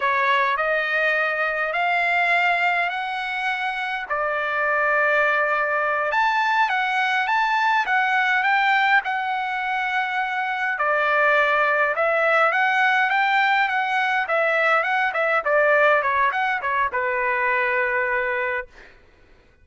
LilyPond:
\new Staff \with { instrumentName = "trumpet" } { \time 4/4 \tempo 4 = 103 cis''4 dis''2 f''4~ | f''4 fis''2 d''4~ | d''2~ d''8 a''4 fis''8~ | fis''8 a''4 fis''4 g''4 fis''8~ |
fis''2~ fis''8 d''4.~ | d''8 e''4 fis''4 g''4 fis''8~ | fis''8 e''4 fis''8 e''8 d''4 cis''8 | fis''8 cis''8 b'2. | }